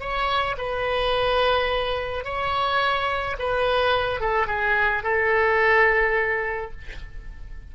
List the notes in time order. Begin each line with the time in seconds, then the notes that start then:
0.00 C#5
0.58 B4
2.24 C#5
3.39 B4
4.20 A4
4.47 G#4
5.03 A4